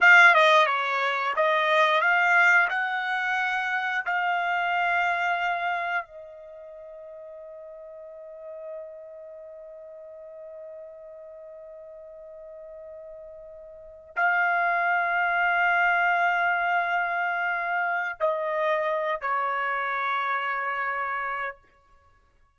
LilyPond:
\new Staff \with { instrumentName = "trumpet" } { \time 4/4 \tempo 4 = 89 f''8 dis''8 cis''4 dis''4 f''4 | fis''2 f''2~ | f''4 dis''2.~ | dis''1~ |
dis''1~ | dis''4 f''2.~ | f''2. dis''4~ | dis''8 cis''2.~ cis''8 | }